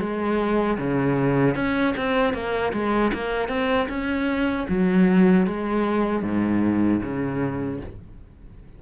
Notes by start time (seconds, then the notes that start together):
0.00 G#3
0.78 C#3
1.55 C#4
1.97 C4
2.34 A#3
2.73 G#3
3.13 A#3
3.49 C4
3.89 C#4
4.69 F#3
5.47 G#3
6.23 G#2
7.03 C#3